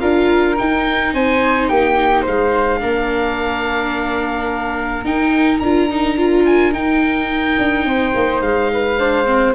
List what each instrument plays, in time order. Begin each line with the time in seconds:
0.00 tuba D4, viola F4, flute A#4, oboe F5
0.56 viola D#4, tuba D#4, oboe G5
1.13 tuba C4, flute C5, oboe G#5
1.69 tuba A#3, flute G4, oboe G5
2.22 tuba G#3, flute C5, oboe F5
2.80 tuba A#3, viola D4, flute A#4
5.05 tuba D#4, viola D#4, oboe G5
5.59 tuba D4, viola F4, oboe A#5
5.90 viola D#4
6.17 viola F4
6.46 oboe G#5
6.72 viola D#4, tuba D#4, oboe G5
7.59 tuba D4
7.86 tuba C4, flute C5
8.15 tuba A#3
8.41 tuba G#3, oboe F5
8.73 flute B4
8.99 viola D4, flute C5
9.26 viola C4